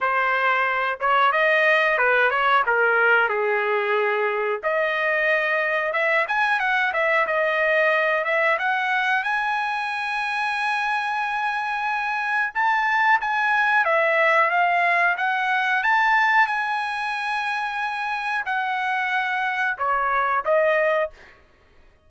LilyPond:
\new Staff \with { instrumentName = "trumpet" } { \time 4/4 \tempo 4 = 91 c''4. cis''8 dis''4 b'8 cis''8 | ais'4 gis'2 dis''4~ | dis''4 e''8 gis''8 fis''8 e''8 dis''4~ | dis''8 e''8 fis''4 gis''2~ |
gis''2. a''4 | gis''4 e''4 f''4 fis''4 | a''4 gis''2. | fis''2 cis''4 dis''4 | }